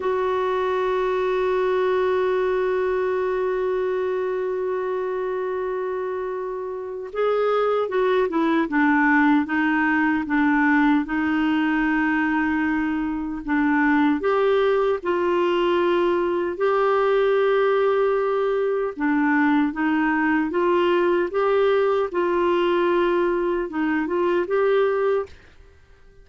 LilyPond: \new Staff \with { instrumentName = "clarinet" } { \time 4/4 \tempo 4 = 76 fis'1~ | fis'1~ | fis'4 gis'4 fis'8 e'8 d'4 | dis'4 d'4 dis'2~ |
dis'4 d'4 g'4 f'4~ | f'4 g'2. | d'4 dis'4 f'4 g'4 | f'2 dis'8 f'8 g'4 | }